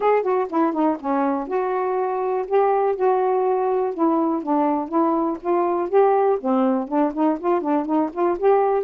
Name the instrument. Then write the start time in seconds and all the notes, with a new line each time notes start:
saxophone
0.00 G#4
0.22 F#4
0.49 E4
0.72 D#4
1.00 C#4
1.47 F#4
2.47 G4
2.95 F#4
3.94 E4
4.43 D4
4.88 E4
5.41 F4
5.89 G4
6.40 C4
6.87 D4
7.13 D#4
7.39 F4
7.61 D4
7.85 D#4
8.13 F4
8.38 G4